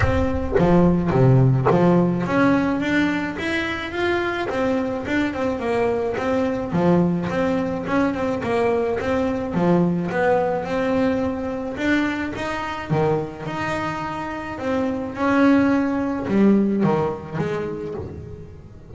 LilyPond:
\new Staff \with { instrumentName = "double bass" } { \time 4/4 \tempo 4 = 107 c'4 f4 c4 f4 | cis'4 d'4 e'4 f'4 | c'4 d'8 c'8 ais4 c'4 | f4 c'4 cis'8 c'8 ais4 |
c'4 f4 b4 c'4~ | c'4 d'4 dis'4 dis4 | dis'2 c'4 cis'4~ | cis'4 g4 dis4 gis4 | }